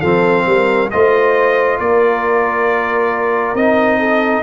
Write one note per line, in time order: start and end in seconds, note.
0.00 0.46 F3
0.00 0.92 C4
0.00 0.44 A4
0.00 0.89 F5
0.46 0.90 G3
0.46 0.92 A#4
0.91 1.80 A3
0.91 3.57 F4
0.91 1.80 C5
0.91 1.79 D#5
1.80 3.55 A#3
1.80 4.00 A#4
1.80 3.56 D5
3.55 4.43 C4
3.55 4.44 D#4
3.55 4.44 D#5
4.00 4.44 A4